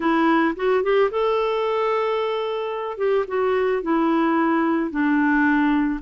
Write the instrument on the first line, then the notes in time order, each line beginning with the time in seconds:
clarinet
0.00 E4
0.56 F#4
0.83 G4
1.10 A4
2.97 G4
3.27 F#4
3.82 E4
4.91 D4